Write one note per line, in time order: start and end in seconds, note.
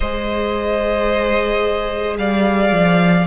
0.00 2.17 G#3
0.00 3.26 G#4
0.00 2.18 C5
0.00 2.17 D#5
2.17 2.72 G3
2.17 3.26 D5
2.17 3.26 F5
2.72 3.26 F3